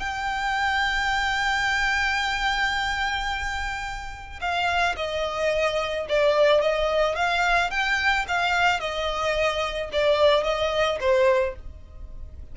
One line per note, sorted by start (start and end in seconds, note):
0.00 4.40 G5
4.41 4.96 F5
4.97 6.07 D#5
6.09 6.61 D5
6.61 7.16 D#5
7.16 7.71 F5
7.71 8.26 G5
8.28 8.80 F5
8.80 9.90 D#5
9.92 10.44 D5
10.44 10.99 D#5
11.00 11.55 C5